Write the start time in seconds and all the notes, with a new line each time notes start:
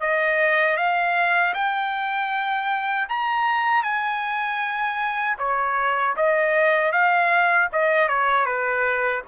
0.00 D#5
0.77 F5
1.54 G5
3.09 A#5
3.83 G#5
5.38 C#5
6.16 D#5
6.92 F5
7.72 D#5
8.08 C#5
8.45 B4